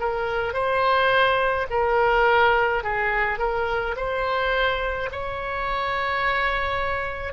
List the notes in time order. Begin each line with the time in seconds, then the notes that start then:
0.00 A#4
0.54 C5
1.70 A#4
2.84 G#4
3.39 A#4
3.96 C5
5.12 C#5